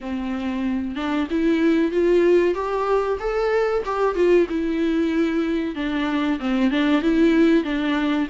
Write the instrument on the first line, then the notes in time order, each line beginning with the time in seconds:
viola
0.00 C4
0.95 D4
1.30 E4
1.91 F4
2.54 G4
3.19 A4
3.85 G4
4.15 F4
4.49 E4
5.75 D4
6.39 C4
6.70 D4
7.02 E4
7.64 D4